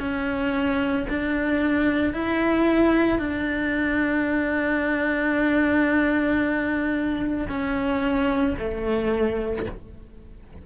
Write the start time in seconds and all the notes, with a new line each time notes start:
0.00 C#4
1.09 D4
2.14 E4
3.19 D4
7.49 C#4
8.59 A3